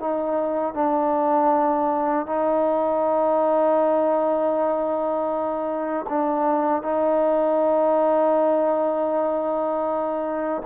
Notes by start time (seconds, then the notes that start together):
0.00 D#4
0.75 D4
2.26 D#4
6.09 D4
6.83 D#4